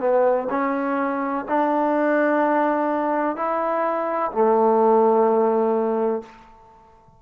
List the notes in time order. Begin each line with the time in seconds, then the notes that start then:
0.00 B3
0.50 C#4
1.48 D4
3.36 E4
4.32 A3